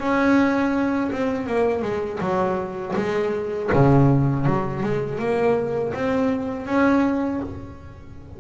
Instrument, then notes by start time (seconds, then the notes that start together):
double bass
0.00 C#4
1.12 C4
1.47 A#3
1.82 G#3
2.20 F#3
2.96 G#3
3.73 C#3
4.46 F#3
4.83 G#3
5.19 A#3
5.94 C4
6.66 C#4